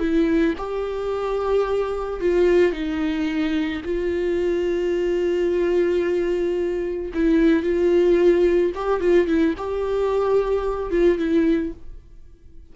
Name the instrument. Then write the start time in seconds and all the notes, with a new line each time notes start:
viola
0.00 E4
0.58 G4
2.21 F4
2.73 D#4
3.85 F4
7.15 E4
7.63 F4
8.75 G4
9.01 F4
9.28 E4
9.58 G4
10.91 F4
11.18 E4